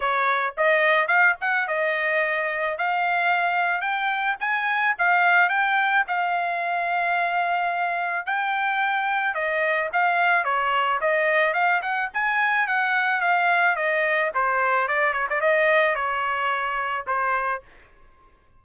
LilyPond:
\new Staff \with { instrumentName = "trumpet" } { \time 4/4 \tempo 4 = 109 cis''4 dis''4 f''8 fis''8 dis''4~ | dis''4 f''2 g''4 | gis''4 f''4 g''4 f''4~ | f''2. g''4~ |
g''4 dis''4 f''4 cis''4 | dis''4 f''8 fis''8 gis''4 fis''4 | f''4 dis''4 c''4 d''8 cis''16 d''16 | dis''4 cis''2 c''4 | }